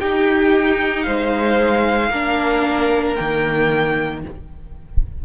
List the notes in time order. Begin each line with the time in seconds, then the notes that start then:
0.00 D#4 G4 G5
1.03 G#3 C5 F5
2.09 A#3 D4 A#4
3.15 D#3 A#3 G5